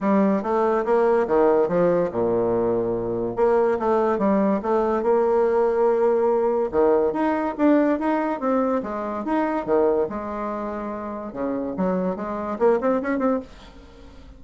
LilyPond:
\new Staff \with { instrumentName = "bassoon" } { \time 4/4 \tempo 4 = 143 g4 a4 ais4 dis4 | f4 ais,2. | ais4 a4 g4 a4 | ais1 |
dis4 dis'4 d'4 dis'4 | c'4 gis4 dis'4 dis4 | gis2. cis4 | fis4 gis4 ais8 c'8 cis'8 c'8 | }